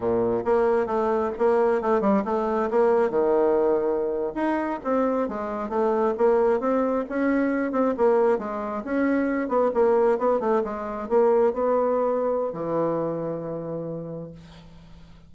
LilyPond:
\new Staff \with { instrumentName = "bassoon" } { \time 4/4 \tempo 4 = 134 ais,4 ais4 a4 ais4 | a8 g8 a4 ais4 dis4~ | dis4.~ dis16 dis'4 c'4 gis16~ | gis8. a4 ais4 c'4 cis'16~ |
cis'4~ cis'16 c'8 ais4 gis4 cis'16~ | cis'4~ cis'16 b8 ais4 b8 a8 gis16~ | gis8. ais4 b2~ b16 | e1 | }